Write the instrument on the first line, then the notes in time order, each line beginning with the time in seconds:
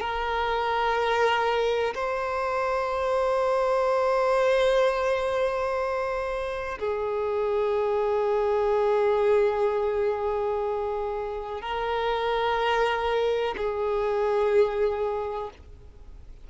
violin
0.00 A#4
1.95 C5
6.79 G#4
11.61 A#4
13.57 G#4